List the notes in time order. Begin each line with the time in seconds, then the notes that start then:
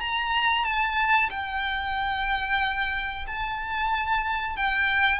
0.00 A#5
0.64 A5
1.30 G5
3.27 A5
4.56 G5